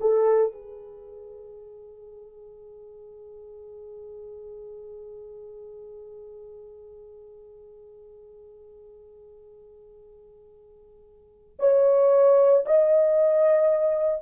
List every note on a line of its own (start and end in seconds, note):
0.00 0.52 A4
0.52 11.57 G#4
11.59 12.64 C#5
12.65 14.22 D#5